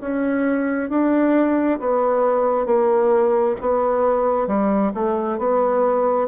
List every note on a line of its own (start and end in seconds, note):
0.00 0.90 C#4
0.90 1.79 D4
1.79 2.66 B3
2.66 3.55 A#3
3.61 4.47 B3
4.47 4.92 G3
4.94 5.38 A3
5.38 6.28 B3